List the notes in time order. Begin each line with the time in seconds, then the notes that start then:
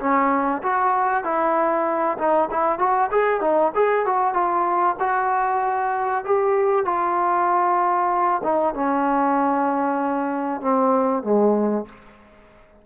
0.00 C#4
0.63 F#4
1.24 E4
2.18 D#4
2.51 E4
2.79 F#4
3.12 G#4
3.41 D#4
3.76 G#4
4.06 F#4
4.34 F4
5.00 F#4
6.26 G4
6.86 F4
8.44 D#4
8.75 C#4
10.62 C4
11.24 G#3